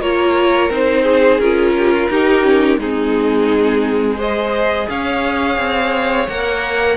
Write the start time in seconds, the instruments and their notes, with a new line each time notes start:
0.00 cello A#3, viola F4, violin A#4 C#5
0.69 cello C4, viola D#4, violin C5
1.02 violin G#4
1.39 cello C#4, viola F4, violin A#4
1.77 violin G4
1.93 violin F4
2.10 cello D#4, viola D#4, violin G4
2.42 viola C#4
2.77 cello G#3, viola C4, violin D#4 G#4
4.17 viola G#4, violin C5 D#5
4.89 cello C#4, violin C#5 F5
5.58 cello C4
6.28 cello A#3, viola A#4, violin F#5